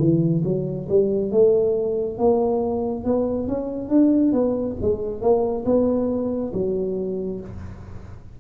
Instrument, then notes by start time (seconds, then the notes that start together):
tuba
0.00 E3
0.45 F#3
0.89 G3
1.32 A3
2.18 A#3
3.05 B3
3.48 C#4
3.89 D4
4.33 B3
4.81 G#3
5.22 A#3
5.66 B3
6.54 F#3